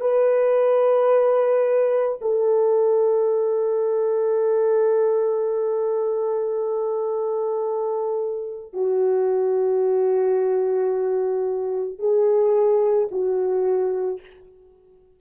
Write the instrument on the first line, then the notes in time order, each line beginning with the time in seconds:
horn
0.00 B4
2.21 A4
8.73 F#4
11.99 G#4
13.11 F#4